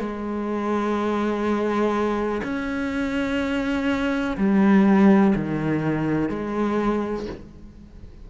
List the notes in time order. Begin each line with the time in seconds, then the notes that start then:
0.00 G#3
2.44 C#4
4.38 G3
5.35 D#3
6.29 G#3